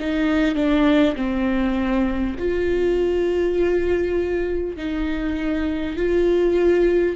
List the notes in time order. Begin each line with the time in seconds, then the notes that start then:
0.00 D#4
0.56 D4
1.16 C4
2.39 F4
4.77 D#4
5.97 F4